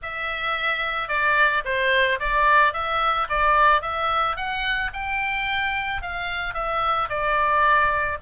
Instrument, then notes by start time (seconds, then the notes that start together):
oboe
0.02 E5
1.08 D5
1.64 C5
2.19 D5
2.73 E5
3.29 D5
3.81 E5
4.36 F#5
4.93 G5
6.01 F5
6.54 E5
7.09 D5